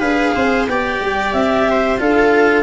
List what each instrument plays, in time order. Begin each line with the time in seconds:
0.00 tuba D4, cello G#4, viola B4, clarinet F5
0.36 tuba C4, viola C5
0.68 tuba B3, cello G4, viola D5, clarinet G5
1.01 tuba G3
1.33 tuba C4, clarinet E5
1.71 viola C5
1.98 tuba D4, cello F4, viola A4, clarinet F5